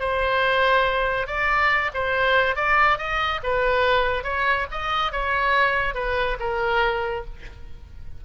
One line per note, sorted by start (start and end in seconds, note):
0.00 1.26 C5
1.26 1.90 D5
1.94 2.56 C5
2.56 2.98 D5
2.98 3.40 D#5
3.43 4.24 B4
4.24 4.66 C#5
4.71 5.12 D#5
5.12 5.94 C#5
5.94 6.37 B4
6.40 7.25 A#4